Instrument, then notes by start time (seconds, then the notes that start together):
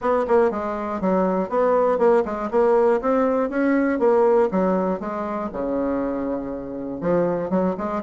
bassoon
0.01 B3
0.27 A#3
0.50 G#3
1.00 F#3
1.49 B3
1.98 A#3
2.25 G#3
2.50 A#3
3.01 C4
3.49 C#4
3.99 A#3
4.51 F#3
5.00 G#3
5.52 C#3
7.00 F3
7.50 F#3
7.77 G#3